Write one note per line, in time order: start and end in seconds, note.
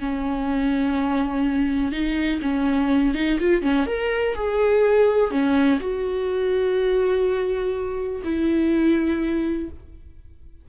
0.00 1.92 C#4
1.92 2.41 D#4
2.42 3.14 C#4
3.14 3.38 D#4
3.40 3.62 F4
3.62 3.86 C#4
3.86 4.35 A#4
4.35 5.31 G#4
5.31 5.79 C#4
5.80 8.22 F#4
8.24 9.69 E4